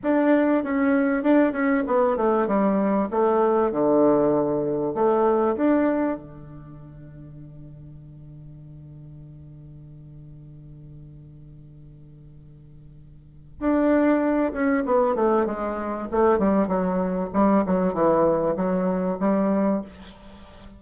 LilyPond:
\new Staff \with { instrumentName = "bassoon" } { \time 4/4 \tempo 4 = 97 d'4 cis'4 d'8 cis'8 b8 a8 | g4 a4 d2 | a4 d'4 d2~ | d1~ |
d1~ | d2 d'4. cis'8 | b8 a8 gis4 a8 g8 fis4 | g8 fis8 e4 fis4 g4 | }